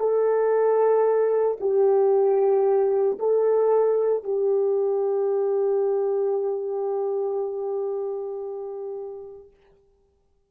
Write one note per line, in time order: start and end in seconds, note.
0.00 1.58 A4
1.61 3.19 G4
3.20 4.24 A4
4.24 9.50 G4